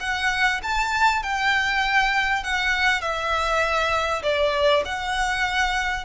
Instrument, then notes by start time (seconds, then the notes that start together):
violin
0.00 F#5
0.63 A5
1.23 G5
2.44 F#5
3.01 E5
4.23 D5
4.85 F#5